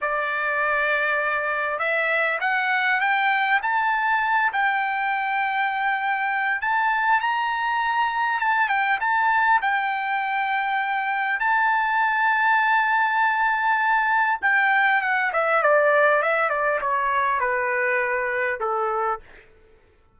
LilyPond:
\new Staff \with { instrumentName = "trumpet" } { \time 4/4 \tempo 4 = 100 d''2. e''4 | fis''4 g''4 a''4. g''8~ | g''2. a''4 | ais''2 a''8 g''8 a''4 |
g''2. a''4~ | a''1 | g''4 fis''8 e''8 d''4 e''8 d''8 | cis''4 b'2 a'4 | }